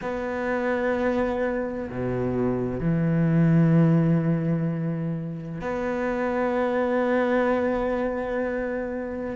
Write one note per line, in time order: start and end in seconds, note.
0.01 1.89 B3
1.89 2.80 B2
2.80 5.60 E3
5.60 9.35 B3